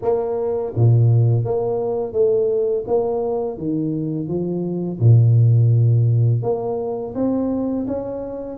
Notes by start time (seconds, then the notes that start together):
0.02 A#3
0.75 A#2
1.44 A#3
2.12 A3
2.87 A#3
3.57 D#3
4.28 F3
4.99 A#2
6.42 A#3
7.15 C4
7.87 C#4